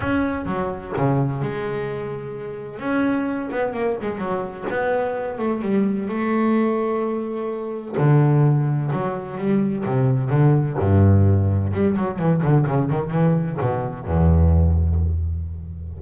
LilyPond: \new Staff \with { instrumentName = "double bass" } { \time 4/4 \tempo 4 = 128 cis'4 fis4 cis4 gis4~ | gis2 cis'4. b8 | ais8 gis8 fis4 b4. a8 | g4 a2.~ |
a4 d2 fis4 | g4 c4 d4 g,4~ | g,4 g8 fis8 e8 d8 cis8 dis8 | e4 b,4 e,2 | }